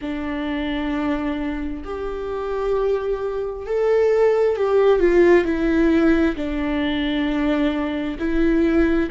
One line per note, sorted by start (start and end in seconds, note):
0.01 1.83 D4
1.84 3.66 G4
3.66 4.56 A4
4.56 4.99 G4
4.99 5.44 F4
5.44 6.35 E4
6.36 8.17 D4
8.18 9.09 E4